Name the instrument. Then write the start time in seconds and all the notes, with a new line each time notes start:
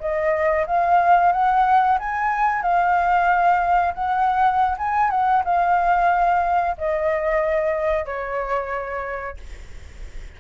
flute
0.00 D#5
0.67 F5
1.32 F#5
1.99 G#5
2.62 F5
3.94 F#5
4.78 G#5
5.10 F#5
5.45 F5
6.78 D#5
8.05 C#5